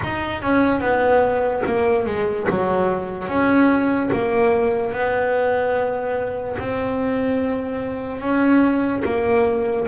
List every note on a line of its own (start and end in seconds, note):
0.03 0.42 D#4
0.42 0.80 C#4
0.80 1.62 B3
1.66 2.05 A#3
2.05 2.47 G#3
2.49 3.28 F#3
3.28 4.10 C#4
4.12 4.92 A#3
4.92 6.56 B3
6.58 8.20 C4
8.20 9.03 C#4
9.04 9.86 A#3